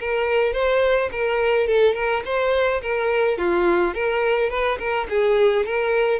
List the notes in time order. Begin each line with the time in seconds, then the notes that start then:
0.00 A#4
0.53 C5
1.12 A#4
1.67 A4
1.95 A#4
2.25 C5
2.82 A#4
3.38 F4
3.94 A#4
4.50 B4
4.79 A#4
5.09 G#4
5.66 A#4